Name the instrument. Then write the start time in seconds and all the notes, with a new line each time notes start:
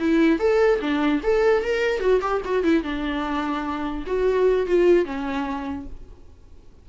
viola
0.00 E4
0.40 A4
0.81 D4
1.24 A4
1.64 A#4
2.01 F#4
2.22 G4
2.45 F#4
2.64 E4
2.84 D4
4.07 F#4
4.67 F4
5.06 C#4